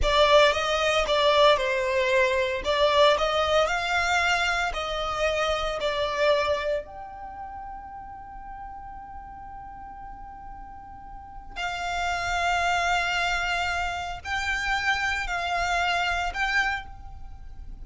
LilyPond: \new Staff \with { instrumentName = "violin" } { \time 4/4 \tempo 4 = 114 d''4 dis''4 d''4 c''4~ | c''4 d''4 dis''4 f''4~ | f''4 dis''2 d''4~ | d''4 g''2.~ |
g''1~ | g''2 f''2~ | f''2. g''4~ | g''4 f''2 g''4 | }